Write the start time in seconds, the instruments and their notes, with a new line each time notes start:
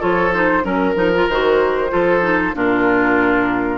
0.00 bassoon F3, clarinet F4, oboe A4, flute C#5
0.34 clarinet D#4, flute C5
0.63 bassoon F#3, clarinet C#4, oboe A#4, flute A#4
0.95 bassoon F3, clarinet D#4
1.15 clarinet F4
1.28 bassoon D#3, clarinet F#4, flute C5
1.89 bassoon F3, clarinet F4, oboe A4
2.21 clarinet D#4
2.54 bassoon A#2, clarinet D4, oboe F4, flute A#4